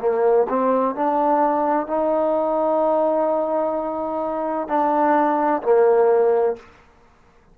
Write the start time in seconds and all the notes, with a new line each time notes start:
0.00 A#3
0.49 C4
0.95 D4
1.87 D#4
4.68 D4
5.62 A#3